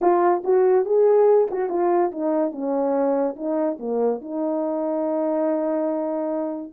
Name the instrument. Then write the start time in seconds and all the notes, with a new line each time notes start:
horn
0.01 F4
0.44 F#4
0.85 G#4
1.50 F#4
1.69 F4
2.11 D#4
2.51 C#4
3.35 D#4
3.79 A#3
4.21 D#4